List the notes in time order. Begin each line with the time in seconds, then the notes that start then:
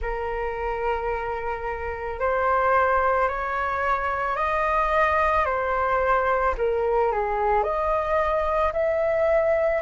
0.01 A#4
2.19 C5
3.28 C#5
4.36 D#5
5.45 C5
6.57 A#4
7.12 G#4
7.63 D#5
8.73 E5